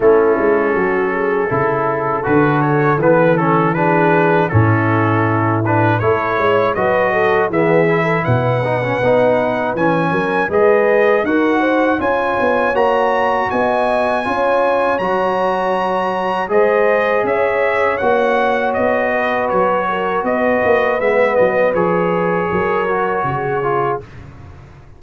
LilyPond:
<<
  \new Staff \with { instrumentName = "trumpet" } { \time 4/4 \tempo 4 = 80 a'2. b'8 cis''8 | b'8 a'8 b'4 a'4. b'8 | cis''4 dis''4 e''4 fis''4~ | fis''4 gis''4 dis''4 fis''4 |
gis''4 ais''4 gis''2 | ais''2 dis''4 e''4 | fis''4 dis''4 cis''4 dis''4 | e''8 dis''8 cis''2. | }
  \new Staff \with { instrumentName = "horn" } { \time 4/4 e'4 fis'8 gis'8 a'2~ | a'4 gis'4 e'2 | a'8 cis''8 b'8 a'8 gis'8. a'16 b'4~ | b'4. ais'8 b'4 ais'8 c''8 |
cis''2 dis''4 cis''4~ | cis''2 c''4 cis''4~ | cis''4. b'4 ais'8 b'4~ | b'2 ais'4 gis'4 | }
  \new Staff \with { instrumentName = "trombone" } { \time 4/4 cis'2 e'4 fis'4 | b8 cis'8 d'4 cis'4. d'8 | e'4 fis'4 b8 e'4 dis'16 cis'16 | dis'4 cis'4 gis'4 fis'4 |
f'4 fis'2 f'4 | fis'2 gis'2 | fis'1 | b4 gis'4. fis'4 f'8 | }
  \new Staff \with { instrumentName = "tuba" } { \time 4/4 a8 gis8 fis4 cis4 d4 | e2 a,2 | a8 gis8 fis4 e4 b,4 | b4 e8 fis8 gis4 dis'4 |
cis'8 b8 ais4 b4 cis'4 | fis2 gis4 cis'4 | ais4 b4 fis4 b8 ais8 | gis8 fis8 f4 fis4 cis4 | }
>>